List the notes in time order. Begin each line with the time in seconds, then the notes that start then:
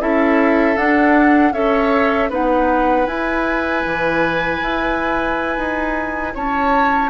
0.00 C#4 E4 A4 E5
0.76 D4 F#5
1.52 C#4 A4 C#5 E5
2.30 B3 D#4 B4 F#5
3.07 E4 G#5
3.86 E3
4.62 E4
5.57 D#4
6.34 C#4 C#5 A5